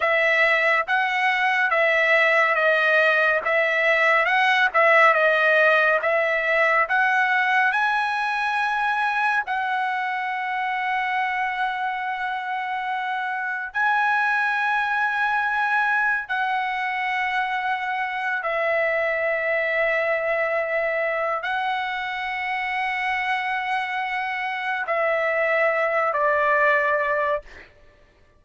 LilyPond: \new Staff \with { instrumentName = "trumpet" } { \time 4/4 \tempo 4 = 70 e''4 fis''4 e''4 dis''4 | e''4 fis''8 e''8 dis''4 e''4 | fis''4 gis''2 fis''4~ | fis''1 |
gis''2. fis''4~ | fis''4. e''2~ e''8~ | e''4 fis''2.~ | fis''4 e''4. d''4. | }